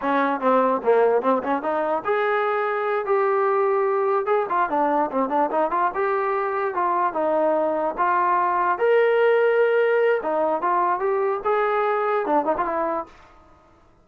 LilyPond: \new Staff \with { instrumentName = "trombone" } { \time 4/4 \tempo 4 = 147 cis'4 c'4 ais4 c'8 cis'8 | dis'4 gis'2~ gis'8 g'8~ | g'2~ g'8 gis'8 f'8 d'8~ | d'8 c'8 d'8 dis'8 f'8 g'4.~ |
g'8 f'4 dis'2 f'8~ | f'4. ais'2~ ais'8~ | ais'4 dis'4 f'4 g'4 | gis'2 d'8 dis'16 f'16 e'4 | }